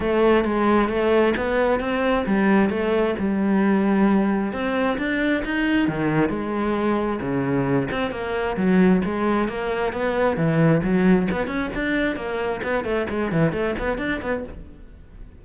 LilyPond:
\new Staff \with { instrumentName = "cello" } { \time 4/4 \tempo 4 = 133 a4 gis4 a4 b4 | c'4 g4 a4 g4~ | g2 c'4 d'4 | dis'4 dis4 gis2 |
cis4. c'8 ais4 fis4 | gis4 ais4 b4 e4 | fis4 b8 cis'8 d'4 ais4 | b8 a8 gis8 e8 a8 b8 d'8 b8 | }